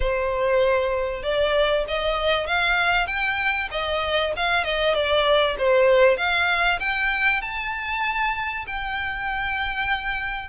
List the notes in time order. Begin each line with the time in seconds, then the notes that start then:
0.00 C5
1.22 D5
1.88 D#5
2.47 F5
3.06 G5
3.71 D#5
4.36 F5
4.63 D#5
4.94 D5
5.58 C5
6.17 F5
6.79 G5
7.41 A5
8.66 G5